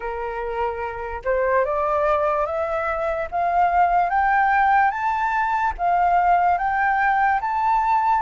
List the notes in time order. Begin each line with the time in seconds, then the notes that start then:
0.00 A#4
1.24 C5
1.64 D5
2.45 E5
3.31 F5
4.09 G5
4.90 A5
5.78 F5
6.58 G5
7.40 A5